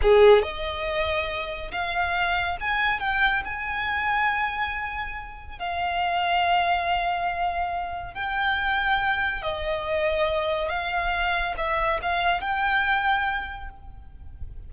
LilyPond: \new Staff \with { instrumentName = "violin" } { \time 4/4 \tempo 4 = 140 gis'4 dis''2. | f''2 gis''4 g''4 | gis''1~ | gis''4 f''2.~ |
f''2. g''4~ | g''2 dis''2~ | dis''4 f''2 e''4 | f''4 g''2. | }